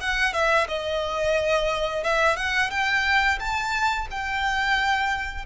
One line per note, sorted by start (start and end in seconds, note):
0.00 0.33 F#5
0.33 0.67 E5
0.68 2.03 D#5
2.03 2.36 E5
2.36 2.70 F#5
2.70 3.38 G5
3.39 4.08 A5
4.10 5.45 G5